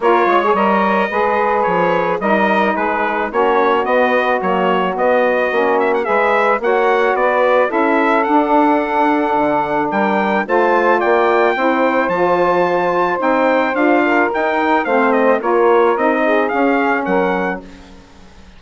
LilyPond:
<<
  \new Staff \with { instrumentName = "trumpet" } { \time 4/4 \tempo 4 = 109 cis''4 dis''2 cis''4 | dis''4 b'4 cis''4 dis''4 | cis''4 dis''4. e''16 fis''16 e''4 | fis''4 d''4 e''4 fis''4~ |
fis''2 g''4 a''4 | g''2 a''2 | g''4 f''4 g''4 f''8 dis''8 | cis''4 dis''4 f''4 fis''4 | }
  \new Staff \with { instrumentName = "saxophone" } { \time 4/4 ais'8 cis''4. b'2 | ais'4 gis'4 fis'2~ | fis'2. b'4 | cis''4 b'4 a'2~ |
a'2 ais'4 c''4 | d''4 c''2.~ | c''4. ais'4. c''4 | ais'4. gis'4. ais'4 | }
  \new Staff \with { instrumentName = "saxophone" } { \time 4/4 f'8. gis'16 ais'4 gis'2 | dis'2 cis'4 b4 | ais4 b4 cis'4 gis'4 | fis'2 e'4 d'4~ |
d'2. f'4~ | f'4 e'4 f'2 | dis'4 f'4 dis'4 c'4 | f'4 dis'4 cis'2 | }
  \new Staff \with { instrumentName = "bassoon" } { \time 4/4 ais8 gis8 g4 gis4 f4 | g4 gis4 ais4 b4 | fis4 b4 ais4 gis4 | ais4 b4 cis'4 d'4~ |
d'4 d4 g4 a4 | ais4 c'4 f2 | c'4 d'4 dis'4 a4 | ais4 c'4 cis'4 fis4 | }
>>